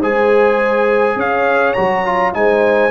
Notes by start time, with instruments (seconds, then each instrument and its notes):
0.00 tuba G#3, trombone G#4, horn C5, trumpet G#5
1.16 tuba C#4, horn C#5, trumpet F5
1.73 tuba F#3, trombone F#4, trumpet A#5
2.04 trombone F4
2.33 tuba G#3, trombone D#4, horn C5, trumpet G#5